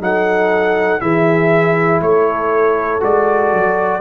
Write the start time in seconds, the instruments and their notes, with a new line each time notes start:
0.00 tuba F#3, trombone D#4, horn A4, trumpet F#5
1.01 tuba E3, trombone E4, horn G#4, trumpet E5
2.01 tuba A3, horn A4, trumpet C#5
3.00 tuba G#3, trombone F#4, trumpet D5
3.53 tuba F#3